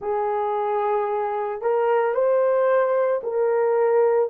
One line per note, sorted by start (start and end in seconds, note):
0.00 1.61 G#4
1.61 2.14 A#4
2.14 3.21 C5
3.23 4.29 A#4